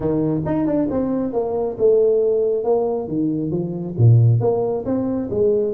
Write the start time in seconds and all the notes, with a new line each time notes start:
0.00 D#3
0.45 D#4
0.66 D4
0.90 C4
1.32 A#3
1.78 A3
2.64 A#3
3.07 D#3
3.51 F3
3.97 A#2
4.40 A#3
4.85 C4
5.30 G#3